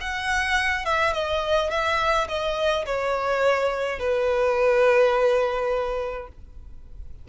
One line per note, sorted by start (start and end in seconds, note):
0.00 0.85 F#5
0.85 1.13 E5
1.13 1.70 D#5
1.70 2.27 E5
2.28 2.85 D#5
2.85 3.99 C#5
3.99 6.28 B4